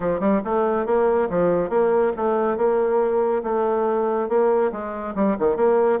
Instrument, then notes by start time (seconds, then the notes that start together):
bassoon
0.00 F3
0.19 G3
0.44 A3
0.86 A#3
1.29 F3
1.69 A#3
2.16 A3
2.57 A#3
3.43 A3
4.29 A#3
4.72 G#3
5.15 G3
5.39 D#3
5.56 A#3